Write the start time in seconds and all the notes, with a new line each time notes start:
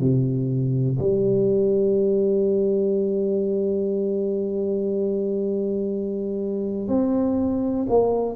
0.00 C3
1.00 G3
6.89 C4
7.90 A#3